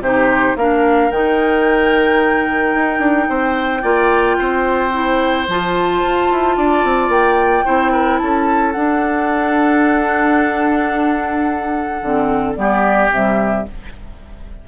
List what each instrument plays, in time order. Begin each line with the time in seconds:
0.00 bassoon C3, clarinet D#4, oboe G4, flute C5
0.56 bassoon A#3, clarinet D4, oboe A#4, flute F5
1.11 bassoon D#3, clarinet D#4, flute G5
2.75 bassoon D#4
2.99 bassoon D4
3.30 bassoon C4, oboe C5
3.82 bassoon A#3, clarinet F4, oboe D5
4.38 bassoon C4, oboe C5
4.92 clarinet E4
5.48 bassoon F3, clarinet F4, flute A5
6.03 bassoon F4
6.31 bassoon E4
6.57 bassoon D4, oboe D5
6.84 bassoon C4
7.09 bassoon A#3, flute G5
7.65 bassoon C4, clarinet E4, oboe C5
7.92 oboe A#4
8.18 bassoon C#4, oboe A4, flute A5
8.72 clarinet D4, bassoon D4, flute F#5
12.02 bassoon D3, clarinet C4
12.56 bassoon G3, clarinet B3, oboe G4, flute D5
13.11 bassoon C3, clarinet G3, flute E5